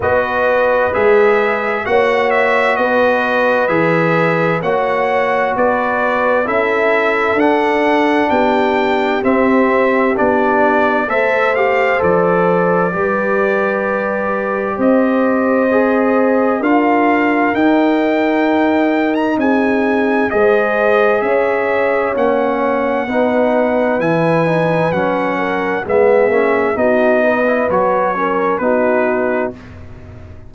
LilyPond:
<<
  \new Staff \with { instrumentName = "trumpet" } { \time 4/4 \tempo 4 = 65 dis''4 e''4 fis''8 e''8 dis''4 | e''4 fis''4 d''4 e''4 | fis''4 g''4 e''4 d''4 | e''8 f''8 d''2. |
dis''2 f''4 g''4~ | g''8. ais''16 gis''4 dis''4 e''4 | fis''2 gis''4 fis''4 | e''4 dis''4 cis''4 b'4 | }
  \new Staff \with { instrumentName = "horn" } { \time 4/4 b'2 cis''4 b'4~ | b'4 cis''4 b'4 a'4~ | a'4 g'2. | c''2 b'2 |
c''2 ais'2~ | ais'4 gis'4 c''4 cis''4~ | cis''4 b'2~ b'8 ais'8 | gis'4 fis'8 b'4 ais'8 fis'4 | }
  \new Staff \with { instrumentName = "trombone" } { \time 4/4 fis'4 gis'4 fis'2 | gis'4 fis'2 e'4 | d'2 c'4 d'4 | a'8 g'8 a'4 g'2~ |
g'4 gis'4 f'4 dis'4~ | dis'2 gis'2 | cis'4 dis'4 e'8 dis'8 cis'4 | b8 cis'8 dis'8. e'16 fis'8 cis'8 dis'4 | }
  \new Staff \with { instrumentName = "tuba" } { \time 4/4 b4 gis4 ais4 b4 | e4 ais4 b4 cis'4 | d'4 b4 c'4 b4 | a4 f4 g2 |
c'2 d'4 dis'4~ | dis'4 c'4 gis4 cis'4 | ais4 b4 e4 fis4 | gis8 ais8 b4 fis4 b4 | }
>>